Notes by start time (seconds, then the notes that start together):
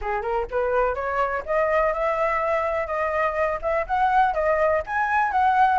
0.01 G#4
0.22 A#4
0.51 B4
0.95 C#5
1.45 D#5
1.93 E5
2.86 D#5
3.62 E5
3.86 F#5
4.34 D#5
4.86 G#5
5.31 F#5